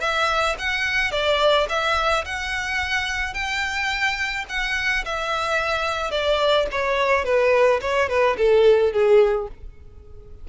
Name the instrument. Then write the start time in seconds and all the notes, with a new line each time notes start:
violin
0.00 E5
0.58 F#5
1.11 D5
1.69 E5
2.25 F#5
3.34 G5
4.49 F#5
5.05 E5
6.11 D5
6.71 C#5
7.24 B4
7.81 C#5
8.09 B4
8.37 A4
8.92 G#4